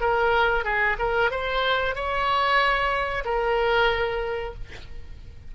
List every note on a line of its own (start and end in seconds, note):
0.00 0.64 A#4
0.64 0.96 G#4
0.99 1.30 A#4
1.30 1.95 C5
1.95 3.24 C#5
3.25 4.54 A#4